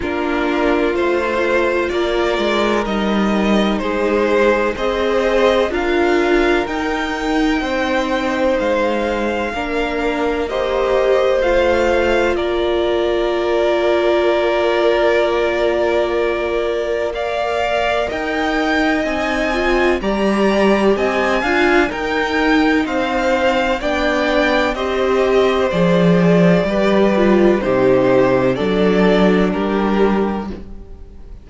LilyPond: <<
  \new Staff \with { instrumentName = "violin" } { \time 4/4 \tempo 4 = 63 ais'4 c''4 d''4 dis''4 | c''4 dis''4 f''4 g''4~ | g''4 f''2 dis''4 | f''4 d''2.~ |
d''2 f''4 g''4 | gis''4 ais''4 gis''4 g''4 | f''4 g''4 dis''4 d''4~ | d''4 c''4 d''4 ais'4 | }
  \new Staff \with { instrumentName = "violin" } { \time 4/4 f'2 ais'2 | gis'4 c''4 ais'2 | c''2 ais'4 c''4~ | c''4 ais'2.~ |
ais'2 d''4 dis''4~ | dis''4 d''4 dis''8 f''8 ais'4 | c''4 d''4 c''2 | b'4 g'4 a'4 g'4 | }
  \new Staff \with { instrumentName = "viola" } { \time 4/4 d'4 f'2 dis'4~ | dis'4 gis'4 f'4 dis'4~ | dis'2 d'4 g'4 | f'1~ |
f'2 ais'2 | dis'8 f'8 g'4. f'8 dis'4~ | dis'4 d'4 g'4 gis'4 | g'8 f'8 dis'4 d'2 | }
  \new Staff \with { instrumentName = "cello" } { \time 4/4 ais4 a4 ais8 gis8 g4 | gis4 c'4 d'4 dis'4 | c'4 gis4 ais2 | a4 ais2.~ |
ais2. dis'4 | c'4 g4 c'8 d'8 dis'4 | c'4 b4 c'4 f4 | g4 c4 fis4 g4 | }
>>